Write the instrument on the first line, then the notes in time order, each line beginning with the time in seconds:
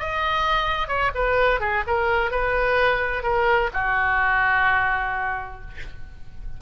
oboe
0.00 D#5
0.88 C#5
1.15 B4
1.61 G#4
1.87 A#4
2.32 B4
3.24 A#4
3.74 F#4